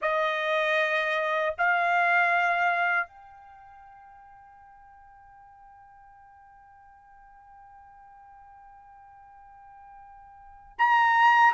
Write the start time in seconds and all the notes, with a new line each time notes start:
0.01 D#5
1.58 F5
3.07 G5
10.78 A#5